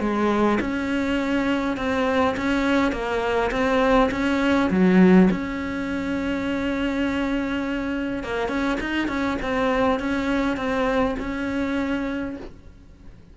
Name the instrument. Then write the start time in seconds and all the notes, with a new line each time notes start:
cello
0.00 G#3
0.60 C#4
1.77 C4
2.37 C#4
2.92 A#3
3.51 C4
4.11 C#4
4.70 F#3
5.31 C#4
8.24 A#3
8.48 C#4
8.80 D#4
9.08 C#4
9.42 C4
10.00 C#4
10.57 C4
11.19 C#4